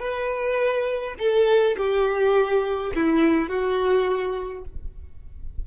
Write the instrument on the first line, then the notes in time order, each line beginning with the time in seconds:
violin
0.00 B4
1.19 A4
1.77 G4
2.96 E4
3.49 F#4